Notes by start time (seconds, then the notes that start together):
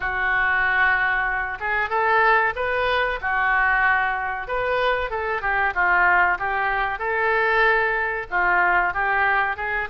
0.00 F#4
1.60 G#4
1.89 A4
2.55 B4
3.21 F#4
4.47 B4
5.10 A4
5.41 G4
5.74 F4
6.39 G4
6.99 A4
8.30 F4
8.93 G4
9.56 G#4